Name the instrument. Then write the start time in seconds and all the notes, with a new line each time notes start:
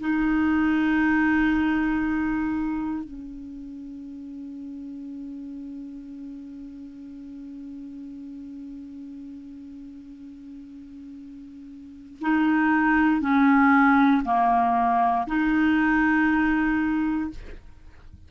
clarinet
0.00 D#4
3.04 C#4
12.21 D#4
13.21 C#4
14.25 A#3
15.27 D#4